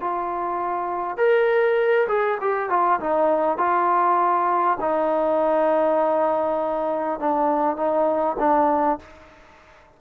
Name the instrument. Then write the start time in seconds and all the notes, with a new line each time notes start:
trombone
0.00 F4
1.17 A#4
2.08 G#4
2.41 G4
2.69 F4
3.00 D#4
3.57 F4
4.80 D#4
7.19 D4
7.76 D#4
8.38 D4